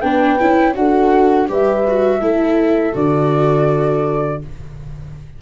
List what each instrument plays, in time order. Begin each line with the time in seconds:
0.00 tuba B3, viola D4, horn B4, flute G5
0.39 tuba C#4, viola E4
0.74 tuba D4, viola F#4, horn A4, flute F#5
1.48 tuba G3, viola G4, horn B4, flute E5
1.87 viola F#4
2.19 tuba A3, viola E4, horn A4
2.93 tuba D3, viola F#4, flute D5